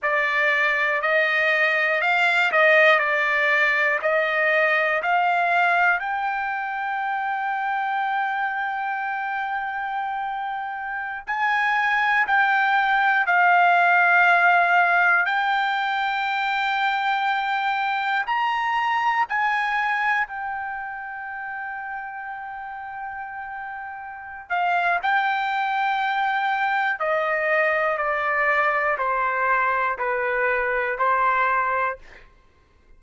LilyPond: \new Staff \with { instrumentName = "trumpet" } { \time 4/4 \tempo 4 = 60 d''4 dis''4 f''8 dis''8 d''4 | dis''4 f''4 g''2~ | g''2.~ g''16 gis''8.~ | gis''16 g''4 f''2 g''8.~ |
g''2~ g''16 ais''4 gis''8.~ | gis''16 g''2.~ g''8.~ | g''8 f''8 g''2 dis''4 | d''4 c''4 b'4 c''4 | }